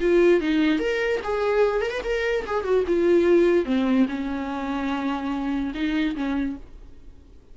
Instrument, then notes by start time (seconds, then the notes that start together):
viola
0.00 F4
0.41 D#4
0.79 A#4
1.23 G#4
1.81 A#4
1.91 B4
2.04 A#4
2.46 G#4
2.64 F#4
2.87 F4
3.65 C4
4.08 C#4
5.74 D#4
6.15 C#4